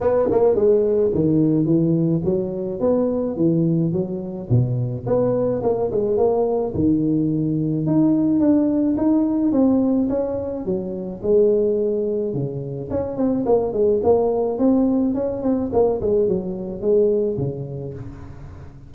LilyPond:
\new Staff \with { instrumentName = "tuba" } { \time 4/4 \tempo 4 = 107 b8 ais8 gis4 dis4 e4 | fis4 b4 e4 fis4 | b,4 b4 ais8 gis8 ais4 | dis2 dis'4 d'4 |
dis'4 c'4 cis'4 fis4 | gis2 cis4 cis'8 c'8 | ais8 gis8 ais4 c'4 cis'8 c'8 | ais8 gis8 fis4 gis4 cis4 | }